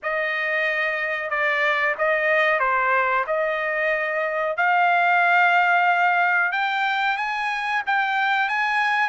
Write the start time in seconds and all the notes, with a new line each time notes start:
0.03 D#5
1.30 D5
1.97 D#5
2.59 C5
3.26 D#5
4.57 F5
6.52 G5
7.17 G#5
7.86 G5
8.48 G#5